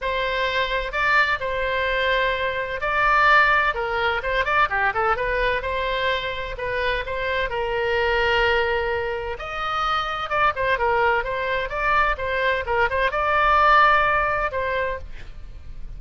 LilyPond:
\new Staff \with { instrumentName = "oboe" } { \time 4/4 \tempo 4 = 128 c''2 d''4 c''4~ | c''2 d''2 | ais'4 c''8 d''8 g'8 a'8 b'4 | c''2 b'4 c''4 |
ais'1 | dis''2 d''8 c''8 ais'4 | c''4 d''4 c''4 ais'8 c''8 | d''2. c''4 | }